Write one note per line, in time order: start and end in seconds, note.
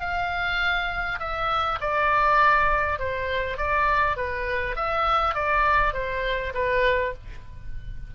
0.00 1.19 F5
1.20 1.79 E5
1.81 2.99 D5
2.99 3.58 C5
3.58 4.17 D5
4.17 4.76 B4
4.76 5.35 E5
5.35 5.94 D5
5.94 6.53 C5
6.54 7.14 B4